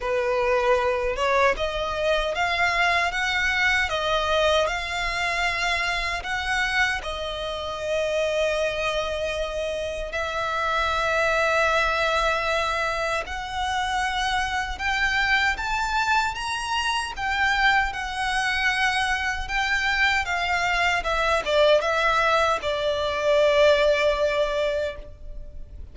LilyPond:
\new Staff \with { instrumentName = "violin" } { \time 4/4 \tempo 4 = 77 b'4. cis''8 dis''4 f''4 | fis''4 dis''4 f''2 | fis''4 dis''2.~ | dis''4 e''2.~ |
e''4 fis''2 g''4 | a''4 ais''4 g''4 fis''4~ | fis''4 g''4 f''4 e''8 d''8 | e''4 d''2. | }